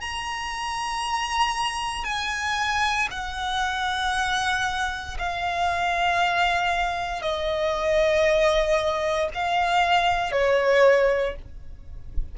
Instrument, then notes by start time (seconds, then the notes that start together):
violin
0.00 A#5
2.04 G#5
3.10 F#5
5.19 F5
7.21 D#5
9.34 F5
10.32 C#5